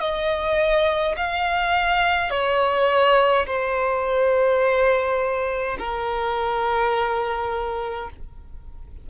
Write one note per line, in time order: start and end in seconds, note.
0.00 1.15 D#5
1.17 2.31 F5
2.31 3.46 C#5
3.47 5.77 C5
5.79 8.10 A#4